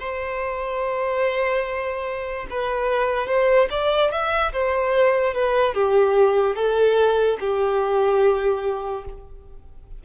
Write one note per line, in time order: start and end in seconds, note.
0.00 2.47 C5
2.50 3.27 B4
3.27 3.68 C5
3.70 4.11 D5
4.11 4.52 E5
4.53 5.34 C5
5.34 5.74 B4
5.74 6.56 G4
6.56 7.38 A4
7.40 9.05 G4